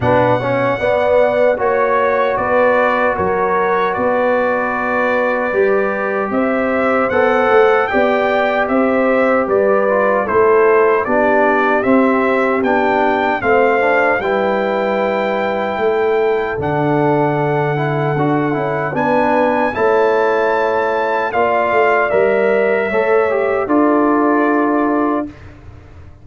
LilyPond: <<
  \new Staff \with { instrumentName = "trumpet" } { \time 4/4 \tempo 4 = 76 fis''2 cis''4 d''4 | cis''4 d''2. | e''4 fis''4 g''4 e''4 | d''4 c''4 d''4 e''4 |
g''4 f''4 g''2~ | g''4 fis''2. | gis''4 a''2 f''4 | e''2 d''2 | }
  \new Staff \with { instrumentName = "horn" } { \time 4/4 b'8 cis''8 d''4 cis''4 b'4 | ais'4 b'2. | c''2 d''4 c''4 | b'4 a'4 g'2~ |
g'4 c''4 b'2 | a'1 | b'4 cis''2 d''4~ | d''4 cis''4 a'2 | }
  \new Staff \with { instrumentName = "trombone" } { \time 4/4 d'8 cis'8 b4 fis'2~ | fis'2. g'4~ | g'4 a'4 g'2~ | g'8 f'8 e'4 d'4 c'4 |
d'4 c'8 d'8 e'2~ | e'4 d'4. e'8 fis'8 e'8 | d'4 e'2 f'4 | ais'4 a'8 g'8 f'2 | }
  \new Staff \with { instrumentName = "tuba" } { \time 4/4 b,4 b4 ais4 b4 | fis4 b2 g4 | c'4 b8 a8 b4 c'4 | g4 a4 b4 c'4 |
b4 a4 g2 | a4 d2 d'8 cis'8 | b4 a2 ais8 a8 | g4 a4 d'2 | }
>>